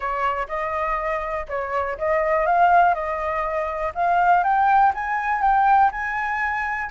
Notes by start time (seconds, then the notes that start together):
0.00 C#5
0.48 D#5
1.48 C#5
1.98 D#5
2.46 F5
2.94 D#5
3.95 F5
4.43 G5
4.94 G#5
5.41 G5
5.91 G#5